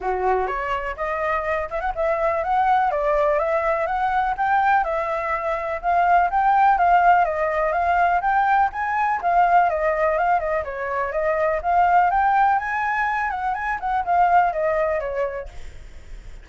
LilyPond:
\new Staff \with { instrumentName = "flute" } { \time 4/4 \tempo 4 = 124 fis'4 cis''4 dis''4. e''16 fis''16 | e''4 fis''4 d''4 e''4 | fis''4 g''4 e''2 | f''4 g''4 f''4 dis''4 |
f''4 g''4 gis''4 f''4 | dis''4 f''8 dis''8 cis''4 dis''4 | f''4 g''4 gis''4. fis''8 | gis''8 fis''8 f''4 dis''4 cis''4 | }